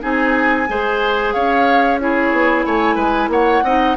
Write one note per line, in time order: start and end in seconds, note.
0.00 0.69 C4
0.00 0.66 D#4
0.00 0.68 G#4
0.00 1.32 G#5
0.68 1.34 G#3
0.68 1.99 G#4
0.68 1.34 C5
1.32 2.31 C#4
1.32 2.00 C#5
1.32 1.98 F5
1.99 3.64 E4
1.99 2.65 G#4
1.99 2.63 C#5
2.31 2.64 B3
2.63 2.95 A3
2.63 2.95 C#5
2.63 3.29 G#5
2.95 3.28 G#3
2.95 3.28 B4
3.28 3.61 A#3
3.28 3.63 C#5
3.28 3.96 F#5
3.63 3.96 C4
3.63 3.96 D#4
3.63 3.96 D#5